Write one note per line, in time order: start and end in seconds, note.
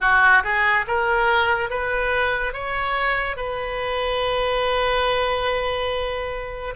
0.00 0.43 F#4
0.43 0.85 G#4
0.87 1.70 A#4
1.70 2.53 B4
2.53 3.36 C#5
3.36 6.74 B4